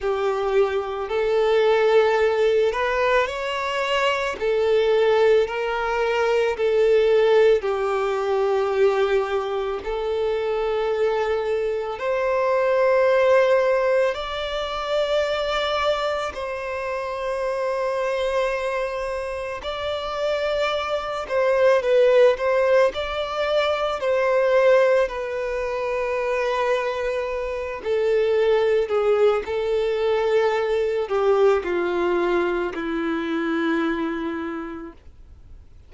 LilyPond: \new Staff \with { instrumentName = "violin" } { \time 4/4 \tempo 4 = 55 g'4 a'4. b'8 cis''4 | a'4 ais'4 a'4 g'4~ | g'4 a'2 c''4~ | c''4 d''2 c''4~ |
c''2 d''4. c''8 | b'8 c''8 d''4 c''4 b'4~ | b'4. a'4 gis'8 a'4~ | a'8 g'8 f'4 e'2 | }